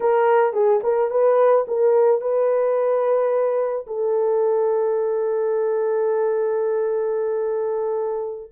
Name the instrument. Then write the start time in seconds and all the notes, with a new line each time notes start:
horn
0.00 A#4
0.53 G#4
0.83 A#4
1.10 B4
1.67 A#4
2.21 B4
3.86 A4